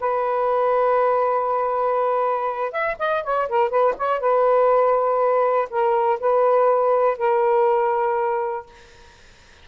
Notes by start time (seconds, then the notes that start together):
0.00 B4
2.72 E5
2.99 D#5
3.24 C#5
3.49 A#4
3.70 B4
3.98 C#5
4.20 B4
5.70 A#4
6.20 B4
7.18 A#4